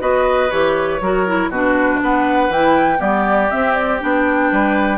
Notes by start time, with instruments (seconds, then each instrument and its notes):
0.00 bassoon B3, clarinet F#4, oboe B4, flute D#5
0.51 bassoon E3, clarinet G4, flute C#5
1.01 bassoon F#3, clarinet F#4, oboe A#4
1.27 clarinet E4
1.49 bassoon B2, clarinet D4, oboe F#4, flute B4
2.03 bassoon B3, oboe B4, flute F#5
2.49 bassoon E3, clarinet E4, flute G5
2.98 bassoon G3, clarinet B3, oboe G4, flute D5
3.51 clarinet C4, bassoon C4, flute E5
3.74 flute D5
4.01 bassoon B3, clarinet D4, flute G5
4.52 bassoon G3, oboe B4